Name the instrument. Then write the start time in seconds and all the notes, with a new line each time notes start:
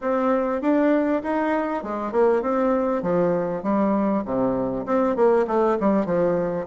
bassoon
0.01 C4
0.61 D4
1.22 D#4
1.83 G#3
2.12 A#3
2.42 C4
3.02 F3
3.63 G3
4.25 C3
4.86 C4
5.15 A#3
5.47 A3
5.79 G3
6.05 F3